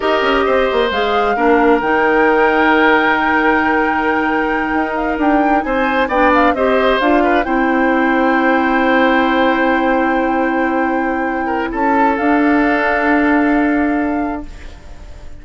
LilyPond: <<
  \new Staff \with { instrumentName = "flute" } { \time 4/4 \tempo 4 = 133 dis''2 f''2 | g''1~ | g''2. f''8 g''8~ | g''8 gis''4 g''8 f''8 dis''4 f''8~ |
f''8 g''2.~ g''8~ | g''1~ | g''2 a''4 f''4~ | f''1 | }
  \new Staff \with { instrumentName = "oboe" } { \time 4/4 ais'4 c''2 ais'4~ | ais'1~ | ais'1~ | ais'8 c''4 d''4 c''4. |
b'8 c''2.~ c''8~ | c''1~ | c''4. ais'8 a'2~ | a'1 | }
  \new Staff \with { instrumentName = "clarinet" } { \time 4/4 g'2 gis'4 d'4 | dis'1~ | dis'1~ | dis'4. d'4 g'4 f'8~ |
f'8 e'2.~ e'8~ | e'1~ | e'2. d'4~ | d'1 | }
  \new Staff \with { instrumentName = "bassoon" } { \time 4/4 dis'8 cis'8 c'8 ais8 gis4 ais4 | dis1~ | dis2~ dis8 dis'4 d'8~ | d'8 c'4 b4 c'4 d'8~ |
d'8 c'2.~ c'8~ | c'1~ | c'2 cis'4 d'4~ | d'1 | }
>>